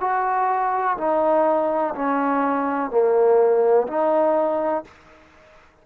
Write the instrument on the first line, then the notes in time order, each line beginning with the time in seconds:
trombone
0.00 F#4
0.97 D#4
1.94 C#4
2.90 A#3
3.87 D#4